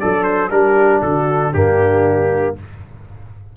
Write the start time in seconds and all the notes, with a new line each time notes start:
0.00 F#3 D4 A4 D5
0.24 C5
0.50 G3 D4 G4 A#4
1.02 D3 F#4 A4
1.52 G2 A#3 D4 G4